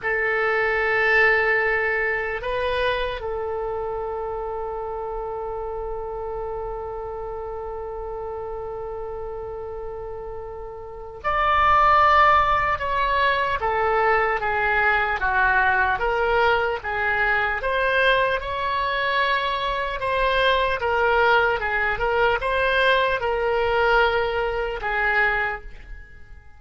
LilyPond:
\new Staff \with { instrumentName = "oboe" } { \time 4/4 \tempo 4 = 75 a'2. b'4 | a'1~ | a'1~ | a'2 d''2 |
cis''4 a'4 gis'4 fis'4 | ais'4 gis'4 c''4 cis''4~ | cis''4 c''4 ais'4 gis'8 ais'8 | c''4 ais'2 gis'4 | }